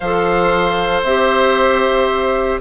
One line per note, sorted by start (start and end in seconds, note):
0.00 1.03 F3
0.00 1.07 A4
0.00 2.60 C5
0.00 1.02 F5
1.03 2.59 C4
1.03 2.60 G4
1.03 2.60 E5